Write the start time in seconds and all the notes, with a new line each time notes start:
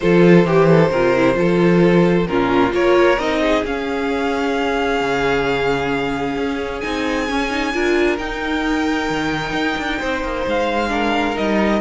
0.00 F3 F4 A4 C5
0.45 E3 G4
0.69 A4
0.90 C3 F4 A#4
1.16 E4
1.33 F3 F4 A4
2.26 A#2 C#4 F4 A#4
2.70 A#3 F4 A#4 C#5
3.18 C4 D#4 D#5
3.41 G#4
3.64 C#4 F5
5.00 C#3
6.36 C#4
6.79 C4 D#4 G#5
7.29 C#4
7.49 D#4
7.73 D4 F4 A#4
8.17 D#4 G5
9.09 D#3
9.52 D#4
9.78 D4
9.98 C4 C5
10.23 A#3
10.46 G#3 F5
10.88 D4 A#4
11.35 G3 D#4 D#5